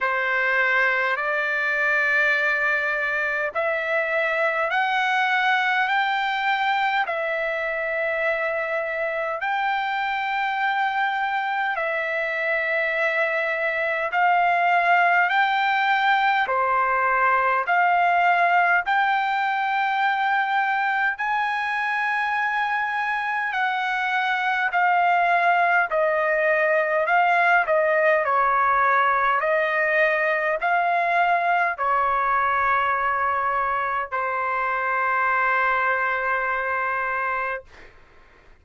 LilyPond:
\new Staff \with { instrumentName = "trumpet" } { \time 4/4 \tempo 4 = 51 c''4 d''2 e''4 | fis''4 g''4 e''2 | g''2 e''2 | f''4 g''4 c''4 f''4 |
g''2 gis''2 | fis''4 f''4 dis''4 f''8 dis''8 | cis''4 dis''4 f''4 cis''4~ | cis''4 c''2. | }